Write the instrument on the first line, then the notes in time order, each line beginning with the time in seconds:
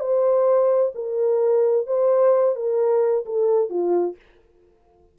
horn
0.00 C5
0.95 A#4
1.87 C5
2.56 A#4
3.26 A4
3.70 F4